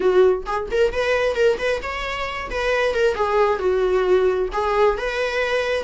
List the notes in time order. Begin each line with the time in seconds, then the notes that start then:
0.00 F#4
0.46 G#4
0.71 A#4
0.92 B4
1.35 A#4
1.58 B4
1.82 C#5
2.50 B4
2.94 A#4
3.15 G#4
3.58 F#4
4.52 G#4
4.97 B4